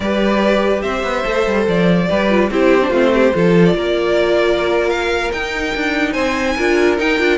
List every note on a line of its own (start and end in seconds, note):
0.00 0.82 G3
0.00 1.24 G4
0.00 0.82 B4
0.00 0.81 D5
0.81 1.03 C4
0.81 2.07 C5
0.81 1.64 E5
1.03 1.24 B3
1.24 1.46 A3
1.24 2.07 A4
1.46 1.67 G3
1.67 2.09 F3
1.67 2.51 D5
2.08 2.50 G3
2.08 2.29 G4
2.08 2.50 B4
2.29 2.50 F4
2.50 2.90 C4
2.50 2.81 E4
2.50 2.89 G4
2.50 3.65 C5
2.81 2.91 D4
2.89 3.32 A3
2.89 3.32 C4
2.89 3.10 F4
3.13 3.34 G4
3.34 3.73 F3
3.34 5.32 F4
3.34 3.76 A4
3.65 4.89 D5
3.73 5.30 A#3
3.73 6.12 A#4
4.89 5.31 F5
5.32 5.74 D#4
5.32 6.58 D#4
5.32 6.12 G5
5.75 6.14 D4
6.12 6.56 C4
6.12 6.53 C5
6.12 6.96 G#5
6.56 6.99 D4
6.56 6.98 F4
6.56 7.37 A#4
6.98 7.18 D#4
6.98 7.19 D#4
6.98 7.37 G5
7.18 7.37 D4
7.18 7.37 F4